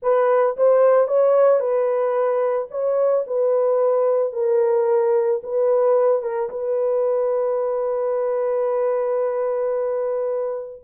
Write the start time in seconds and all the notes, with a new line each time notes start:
0.02 B4
0.57 C5
1.07 C#5
1.59 B4
2.70 C#5
3.26 B4
4.32 A#4
5.43 B4
6.22 A#4
6.49 B4